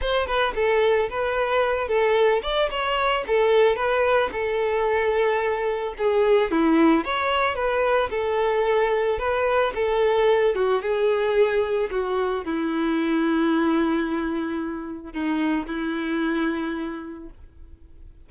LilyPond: \new Staff \with { instrumentName = "violin" } { \time 4/4 \tempo 4 = 111 c''8 b'8 a'4 b'4. a'8~ | a'8 d''8 cis''4 a'4 b'4 | a'2. gis'4 | e'4 cis''4 b'4 a'4~ |
a'4 b'4 a'4. fis'8 | gis'2 fis'4 e'4~ | e'1 | dis'4 e'2. | }